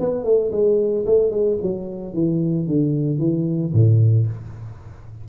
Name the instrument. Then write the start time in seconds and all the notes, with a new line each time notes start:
tuba
0.00 B3
0.25 A3
0.52 G#3
1.06 A3
1.31 G#3
1.62 F#3
2.14 E3
2.67 D3
3.19 E3
3.74 A2